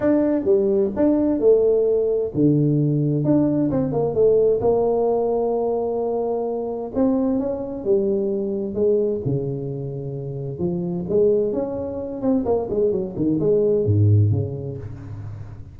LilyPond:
\new Staff \with { instrumentName = "tuba" } { \time 4/4 \tempo 4 = 130 d'4 g4 d'4 a4~ | a4 d2 d'4 | c'8 ais8 a4 ais2~ | ais2. c'4 |
cis'4 g2 gis4 | cis2. f4 | gis4 cis'4. c'8 ais8 gis8 | fis8 dis8 gis4 gis,4 cis4 | }